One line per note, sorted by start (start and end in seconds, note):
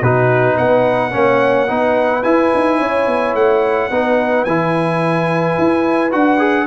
0.00 0.58 B2
0.00 1.12 D#4
0.00 0.55 F#4
0.00 0.58 B4
0.55 1.14 B3
0.55 1.11 B4
0.55 2.24 F#5
1.12 1.70 A#3
1.12 1.67 C#4
1.12 1.69 C#5
1.67 2.25 B3
1.67 2.23 D#4
1.67 2.79 B4
2.24 3.91 E4
2.24 2.53 E4
2.24 3.35 G#5
2.55 2.81 D#4
2.79 3.07 C#4
2.79 3.90 C#5
3.07 3.35 B3
3.35 3.90 A3
3.35 4.45 F#5
3.91 4.46 B3
3.91 4.47 D#4
3.91 6.67 B4
4.45 5.57 E3
4.45 6.11 E4
4.45 6.11 G#5
5.58 6.14 E4
6.11 6.67 D4
6.11 6.38 F#4
6.11 6.67 F#5
6.38 6.66 G#4